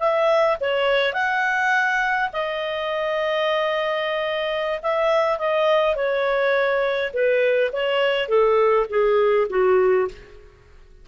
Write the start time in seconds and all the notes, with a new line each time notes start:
0.00 E5
0.61 C#5
1.14 F#5
2.33 D#5
4.83 E5
5.39 D#5
5.96 C#5
7.14 B4
7.73 C#5
8.29 A4
8.90 G#4
9.50 F#4